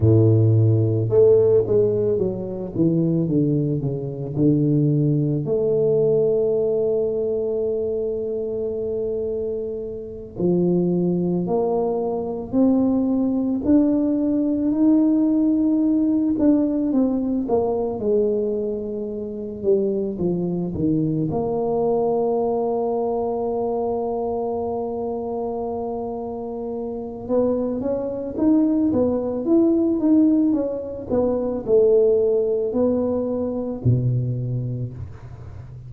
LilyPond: \new Staff \with { instrumentName = "tuba" } { \time 4/4 \tempo 4 = 55 a,4 a8 gis8 fis8 e8 d8 cis8 | d4 a2.~ | a4. f4 ais4 c'8~ | c'8 d'4 dis'4. d'8 c'8 |
ais8 gis4. g8 f8 dis8 ais8~ | ais1~ | ais4 b8 cis'8 dis'8 b8 e'8 dis'8 | cis'8 b8 a4 b4 b,4 | }